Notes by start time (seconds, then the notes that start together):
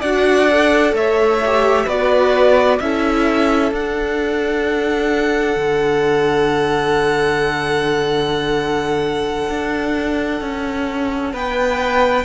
0.00 D4 F#4 D5 F#5
0.50 A4
0.93 A3 C#5 E5
1.46 G4
1.86 B3 F#4 B4 D5
2.80 C#4 E4 A4 E5
3.71 D4 F#5
5.56 D3
9.49 D4
10.41 C#4
11.33 B3 B4 G5